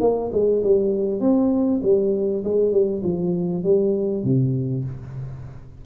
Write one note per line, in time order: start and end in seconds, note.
0.00 0.30 A#3
0.32 0.62 G#3
0.63 1.20 G3
1.20 1.80 C4
1.82 2.43 G3
2.44 2.71 G#3
2.71 3.02 G3
3.03 3.63 F3
3.63 4.23 G3
4.23 4.84 C3